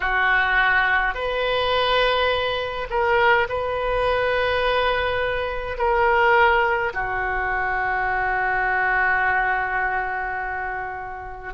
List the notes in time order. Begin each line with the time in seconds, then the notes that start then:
0.00 F#4
1.14 B4
2.90 A#4
3.49 B4
5.77 A#4
6.93 F#4